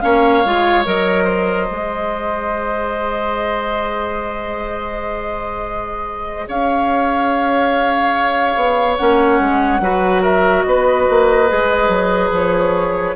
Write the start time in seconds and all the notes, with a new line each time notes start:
0.00 A#3 C#4 C#5 F5
0.45 G#3 F4
0.85 F#3 A#4 D#5
1.24 C5
1.67 G#3 G#4
6.48 C#4 C#5 F5
8.55 B3
8.97 A#3 C#4 F#5
9.39 G#3
9.80 F#3 F#4 B4
10.22 A#4 E5
10.62 B3 B4 D#5
11.09 A#3
11.48 G#3 G#4
11.88 F#3
12.31 F3 C#5